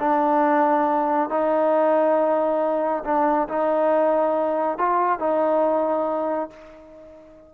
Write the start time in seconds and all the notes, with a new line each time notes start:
0.00 D4
1.30 D#4
3.05 D4
3.49 D#4
4.78 F4
5.20 D#4